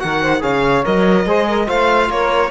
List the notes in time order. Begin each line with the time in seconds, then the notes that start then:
0.00 D#3 F#4 A#4 F#5
0.22 C5
0.40 C#3 G#4 C#5 F5
0.85 F#3 A#4 D#5
1.26 G#3 G#4 C5
1.47 A#4
1.67 A3 F4 C5 F5
2.09 A#3 A#4 C#5